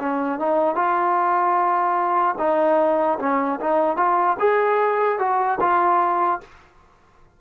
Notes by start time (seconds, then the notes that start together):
0.00 C#4
0.40 D#4
0.76 F4
2.39 D#4
3.20 C#4
3.61 D#4
3.97 F4
4.40 G#4
5.19 F#4
5.61 F4